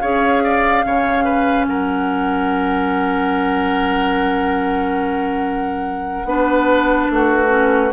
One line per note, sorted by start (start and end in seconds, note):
0.00 0.86 C#4
0.00 0.84 G#4
0.00 0.44 C#5
0.00 1.67 F5
0.44 0.85 D5
0.84 1.67 C#3
0.84 6.26 C#4
0.84 1.25 C#5
1.25 1.66 B4
1.67 6.25 F#3
1.67 6.27 A#4
1.67 7.10 F#5
6.25 7.08 B3
6.25 7.48 D4
6.25 7.12 B4
7.11 7.93 A3
7.11 7.93 F#4
7.11 7.93 B4
7.48 7.90 C#4